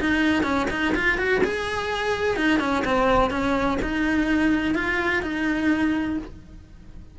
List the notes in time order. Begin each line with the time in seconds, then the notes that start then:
0.00 D#4
0.43 C#4
0.70 D#4
0.95 F4
1.18 F#4
1.44 G#4
2.36 D#4
2.60 C#4
2.85 C4
3.30 C#4
3.82 D#4
4.75 F4
5.22 D#4